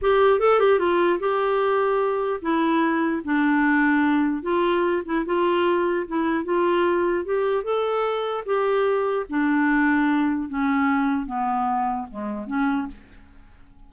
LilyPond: \new Staff \with { instrumentName = "clarinet" } { \time 4/4 \tempo 4 = 149 g'4 a'8 g'8 f'4 g'4~ | g'2 e'2 | d'2. f'4~ | f'8 e'8 f'2 e'4 |
f'2 g'4 a'4~ | a'4 g'2 d'4~ | d'2 cis'2 | b2 gis4 cis'4 | }